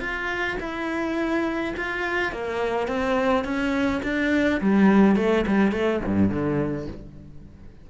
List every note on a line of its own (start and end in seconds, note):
0.00 0.57 F4
0.60 1.74 E4
1.77 2.32 F4
2.32 2.88 A#3
2.88 3.44 C4
3.44 4.01 C#4
4.03 4.60 D4
4.61 5.16 G3
5.16 5.45 A3
5.47 5.72 G3
5.72 6.00 A3
6.05 6.30 G2
6.30 6.87 D3